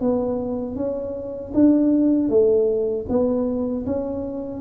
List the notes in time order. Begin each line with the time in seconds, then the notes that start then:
0.00 B3
0.75 C#4
1.53 D4
2.29 A3
3.08 B3
3.86 C#4